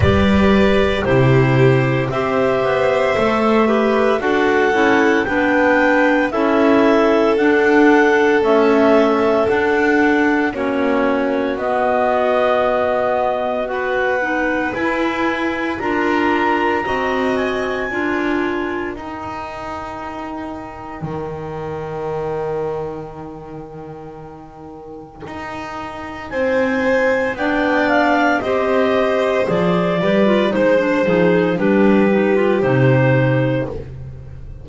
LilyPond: <<
  \new Staff \with { instrumentName = "clarinet" } { \time 4/4 \tempo 4 = 57 d''4 c''4 e''2 | fis''4 g''4 e''4 fis''4 | e''4 fis''4 cis''4 dis''4~ | dis''4 fis''4 gis''4 ais''4~ |
ais''8 gis''4. g''2~ | g''1~ | g''4 gis''4 g''8 f''8 dis''4 | d''4 c''4 b'4 c''4 | }
  \new Staff \with { instrumentName = "violin" } { \time 4/4 b'4 g'4 c''4. b'8 | a'4 b'4 a'2~ | a'2 fis'2~ | fis'4 b'2 ais'4 |
dis''4 ais'2.~ | ais'1~ | ais'4 c''4 d''4 c''4~ | c''8 b'8 c''8 gis'8 g'2 | }
  \new Staff \with { instrumentName = "clarinet" } { \time 4/4 g'4 e'4 g'4 a'8 g'8 | fis'8 e'8 d'4 e'4 d'4 | a4 d'4 cis'4 b4~ | b4 fis'8 dis'8 e'4 f'4 |
fis'4 f'4 dis'2~ | dis'1~ | dis'2 d'4 g'4 | gis'8 g'16 f'16 dis'16 d'16 dis'8 d'8 dis'16 f'16 dis'4 | }
  \new Staff \with { instrumentName = "double bass" } { \time 4/4 g4 c4 c'8 b8 a4 | d'8 cis'8 b4 cis'4 d'4 | cis'4 d'4 ais4 b4~ | b2 e'4 d'4 |
c'4 d'4 dis'2 | dis1 | dis'4 c'4 b4 c'4 | f8 g8 gis8 f8 g4 c4 | }
>>